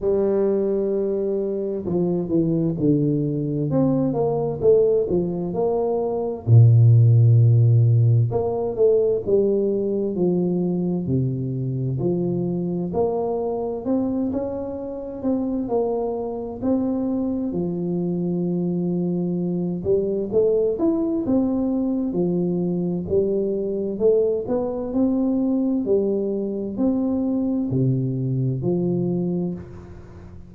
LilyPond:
\new Staff \with { instrumentName = "tuba" } { \time 4/4 \tempo 4 = 65 g2 f8 e8 d4 | c'8 ais8 a8 f8 ais4 ais,4~ | ais,4 ais8 a8 g4 f4 | c4 f4 ais4 c'8 cis'8~ |
cis'8 c'8 ais4 c'4 f4~ | f4. g8 a8 e'8 c'4 | f4 g4 a8 b8 c'4 | g4 c'4 c4 f4 | }